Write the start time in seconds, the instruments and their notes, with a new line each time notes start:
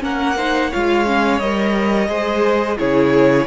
0.00 cello A#3, viola C#4, violin A#4 F#5
0.36 viola D#4, violin C5
0.71 cello G#3, viola F4, violin C#5 F5
1.06 viola C#4
1.39 cello G3, viola A#4, violin D#5
2.08 cello G#3, viola G#4, violin C5
2.78 cello C#3, viola E4, violin G#4 C#5